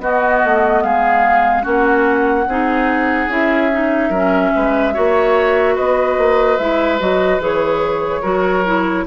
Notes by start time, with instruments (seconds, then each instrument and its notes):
0.00 bassoon B3, clarinet B3, oboe F#4, flute D#5
0.45 bassoon A3
0.83 bassoon G#3, oboe G#4, flute F5
1.63 bassoon A#3, clarinet C#4, oboe F#4, flute F#5
2.47 bassoon C4, clarinet D#4, oboe G#4
3.28 bassoon C#4, clarinet E4, flute E5
3.72 clarinet D#4
4.10 bassoon F#3, clarinet C#4, oboe A#4
4.56 bassoon G#3, oboe B4
4.94 bassoon A#3, clarinet F#4, oboe C#5
5.75 bassoon B3, oboe B4, flute D#5
6.18 bassoon A#3
6.58 bassoon G#3, clarinet E4, flute E5
6.99 bassoon F#3, clarinet F#4, flute D#5
7.39 bassoon E3, clarinet G#4, flute C#5
8.22 bassoon F#3, clarinet F#4, oboe A#4
8.66 clarinet E4